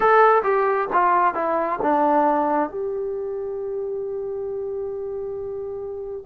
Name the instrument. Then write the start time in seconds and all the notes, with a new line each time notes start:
trombone
0.00 A4
0.43 G4
0.92 F4
1.34 E4
1.82 D4
2.69 G4